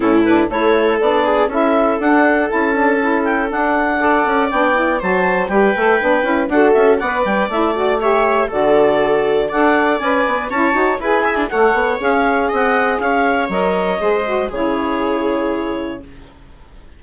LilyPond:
<<
  \new Staff \with { instrumentName = "clarinet" } { \time 4/4 \tempo 4 = 120 a'8 b'8 cis''4 d''4 e''4 | fis''4 a''4. g''8 fis''4~ | fis''4 g''4 a''4 g''4~ | g''4 fis''8 e''8 fis''8 g''8 e''8 d''8 |
e''4 d''2 fis''4 | gis''4 a''4 gis''4 fis''4 | f''4 fis''4 f''4 dis''4~ | dis''4 cis''2. | }
  \new Staff \with { instrumentName = "viola" } { \time 4/4 e'4 a'4. gis'8 a'4~ | a'1 | d''2 c''4 b'4~ | b'4 a'4 d''2 |
cis''4 a'2 d''4~ | d''4 cis''4 b'8 e''16 d'16 cis''4~ | cis''4 dis''4 cis''2 | c''4 gis'2. | }
  \new Staff \with { instrumentName = "saxophone" } { \time 4/4 cis'8 d'8 e'4 d'4 e'4 | d'4 e'8 d'8 e'4 d'4 | a'4 d'8 e'8 fis'4 g'8 a'8 | d'8 e'8 fis'4 b'4 e'8 fis'8 |
g'4 fis'2 a'4 | b'4 e'8 fis'8 gis'4 a'4 | gis'2. ais'4 | gis'8 fis'8 e'2. | }
  \new Staff \with { instrumentName = "bassoon" } { \time 4/4 a,4 a4 b4 cis'4 | d'4 cis'2 d'4~ | d'8 cis'8 b4 fis4 g8 a8 | b8 cis'8 d'8 cis'8 b8 g8 a4~ |
a4 d2 d'4 | cis'8 b8 cis'8 dis'8 e'4 a8 b8 | cis'4 c'4 cis'4 fis4 | gis4 cis2. | }
>>